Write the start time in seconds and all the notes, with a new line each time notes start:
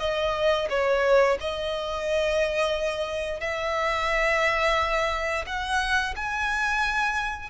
0.00 D#5
0.70 C#5
1.41 D#5
3.41 E5
5.47 F#5
6.16 G#5